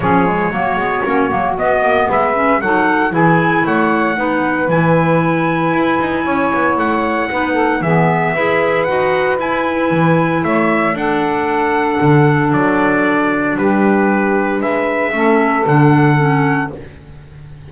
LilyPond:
<<
  \new Staff \with { instrumentName = "trumpet" } { \time 4/4 \tempo 4 = 115 cis''2. dis''4 | e''4 fis''4 gis''4 fis''4~ | fis''4 gis''2.~ | gis''4 fis''2 e''4~ |
e''4 fis''4 gis''2 | e''4 fis''2. | d''2 b'2 | e''2 fis''2 | }
  \new Staff \with { instrumentName = "saxophone" } { \time 4/4 gis'4 fis'2. | b'4 a'4 gis'4 cis''4 | b'1 | cis''2 b'8 a'8 gis'4 |
b'1 | cis''4 a'2.~ | a'2 g'2 | b'4 a'2. | }
  \new Staff \with { instrumentName = "clarinet" } { \time 4/4 cis'8 gis8 ais8 b8 cis'8 ais8 b4~ | b8 cis'8 dis'4 e'2 | dis'4 e'2.~ | e'2 dis'4 b4 |
gis'4 fis'4 e'2~ | e'4 d'2.~ | d'1~ | d'4 cis'4 d'4 cis'4 | }
  \new Staff \with { instrumentName = "double bass" } { \time 4/4 f4 fis8 gis8 ais8 fis8 b8 ais8 | gis4 fis4 e4 a4 | b4 e2 e'8 dis'8 | cis'8 b8 a4 b4 e4 |
e'4 dis'4 e'4 e4 | a4 d'2 d4 | fis2 g2 | gis4 a4 d2 | }
>>